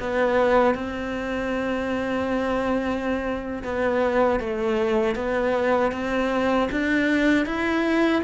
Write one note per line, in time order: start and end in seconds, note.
0.00 0.75 B3
0.75 3.63 C4
3.64 4.40 B3
4.40 5.16 A3
5.16 5.92 B3
5.92 6.69 C4
6.72 7.46 D4
7.46 8.23 E4